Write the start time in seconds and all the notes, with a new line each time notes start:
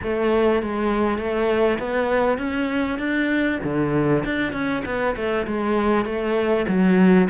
0.02 A3
0.62 G#3
1.17 A3
1.79 B3
2.38 C#4
2.98 D4
3.63 D3
4.24 D4
4.52 C#4
4.85 B3
5.16 A3
5.46 G#3
6.05 A3
6.67 F#3